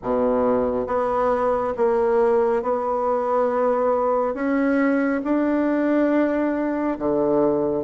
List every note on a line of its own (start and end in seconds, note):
0.02 0.87 B2
0.87 1.74 B3
1.76 2.62 A#3
2.62 4.34 B3
4.34 5.21 C#4
5.24 6.98 D4
6.98 7.84 D3